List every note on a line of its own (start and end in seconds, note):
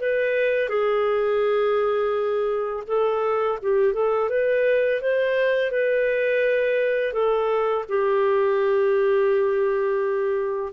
0.00 0.69 B4
0.69 2.83 G#4
2.87 3.58 A4
3.62 3.94 G4
3.94 4.29 A4
4.30 5.01 B4
5.01 5.71 C5
5.71 7.13 B4
7.13 7.84 A4
7.88 10.72 G4